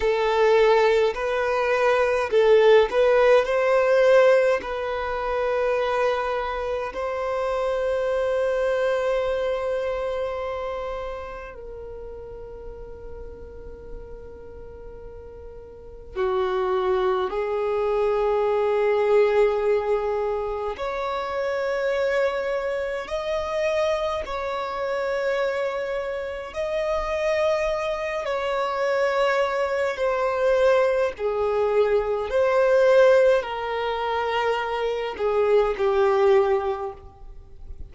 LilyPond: \new Staff \with { instrumentName = "violin" } { \time 4/4 \tempo 4 = 52 a'4 b'4 a'8 b'8 c''4 | b'2 c''2~ | c''2 ais'2~ | ais'2 fis'4 gis'4~ |
gis'2 cis''2 | dis''4 cis''2 dis''4~ | dis''8 cis''4. c''4 gis'4 | c''4 ais'4. gis'8 g'4 | }